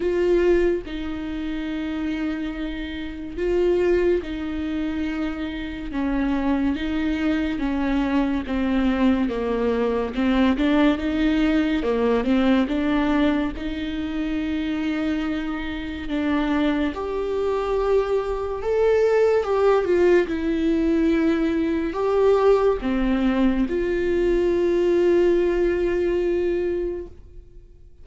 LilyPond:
\new Staff \with { instrumentName = "viola" } { \time 4/4 \tempo 4 = 71 f'4 dis'2. | f'4 dis'2 cis'4 | dis'4 cis'4 c'4 ais4 | c'8 d'8 dis'4 ais8 c'8 d'4 |
dis'2. d'4 | g'2 a'4 g'8 f'8 | e'2 g'4 c'4 | f'1 | }